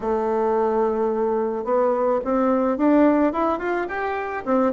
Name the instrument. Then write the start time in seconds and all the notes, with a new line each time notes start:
bassoon
0.00 A3
1.64 B3
2.24 C4
2.77 D4
3.33 E4
3.59 F4
3.88 G4
4.45 C4